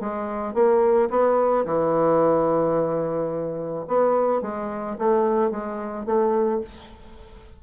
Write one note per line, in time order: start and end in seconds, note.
0.00 0.54 G#3
0.54 1.09 A#3
1.10 1.65 B3
1.65 3.86 E3
3.88 4.42 B3
4.42 4.97 G#3
4.98 5.51 A3
5.51 6.06 G#3
6.06 6.61 A3